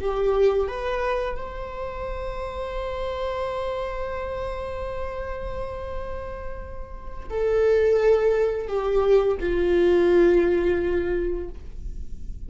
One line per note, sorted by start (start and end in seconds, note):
0.00 0.67 G4
0.67 1.36 B4
1.36 7.29 C5
7.29 8.68 A4
8.68 9.37 G4
9.40 11.49 F4